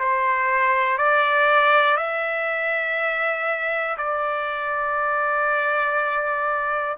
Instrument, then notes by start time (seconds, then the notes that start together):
trumpet
0.00 C5
0.98 D5
1.97 E5
3.98 D5